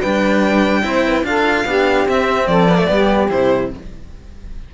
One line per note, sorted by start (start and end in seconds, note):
0.00 0.84 G3
0.00 0.82 D4
0.00 0.82 B4
0.00 1.25 G5
0.82 1.24 C4
0.82 1.23 E4
0.82 1.06 C5
1.06 1.26 B4
1.24 1.65 D4
1.24 1.65 F4
1.24 1.66 A4
1.24 2.08 F5
1.65 2.05 B3
1.65 2.08 D4
1.65 2.47 G4
2.05 2.46 C4
2.05 2.69 C4
2.05 2.47 E5
2.47 2.88 F3
2.47 2.89 A4
2.47 3.30 D5
2.69 2.78 B3
2.78 2.87 A3
2.87 3.31 G3
2.87 3.28 B3
2.87 3.74 G4
3.28 3.74 C3
3.28 3.70 E4
3.28 3.71 C5